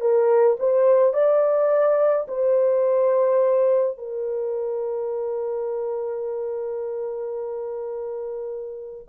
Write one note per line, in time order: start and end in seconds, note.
0.00 0.57 A#4
0.59 1.13 C5
1.13 2.26 D5
2.27 3.97 C5
3.97 9.07 A#4